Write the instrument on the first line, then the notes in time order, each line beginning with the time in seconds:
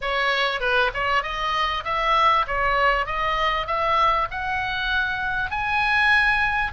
oboe
0.01 C#5
0.60 B4
0.94 C#5
1.22 D#5
1.84 E5
2.47 C#5
3.06 D#5
3.67 E5
4.30 F#5
5.50 G#5